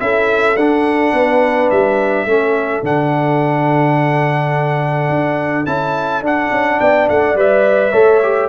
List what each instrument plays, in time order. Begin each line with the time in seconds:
0.00 tuba C#4, trombone E4, horn A4, trumpet E5
0.56 tuba D4, trombone D4, trumpet F#5
1.13 tuba B3, horn B4
1.70 tuba G3, trumpet E5
2.25 tuba A3, trombone C#4, horn A4
2.83 tuba D3, trombone D4, trumpet F#5
5.09 tuba D4
5.66 tuba C#4, trombone E4, trumpet A5
6.22 tuba D4, trombone D4, trumpet F#5
6.51 tuba C#4
6.80 tuba B3, horn D5, trumpet G5
7.09 tuba A3, trumpet F#5
7.35 tuba G3, trombone B4, trumpet E5
7.92 tuba A3, trombone A4, horn C#5
8.23 trombone G4